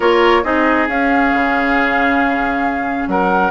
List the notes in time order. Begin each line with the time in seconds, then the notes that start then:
0.00 A#3 F4 A#4 C#5
0.43 C4 D#4 G#4 D#5
0.88 C#4 F5
1.33 C#3
3.07 F#3 A#4 F#5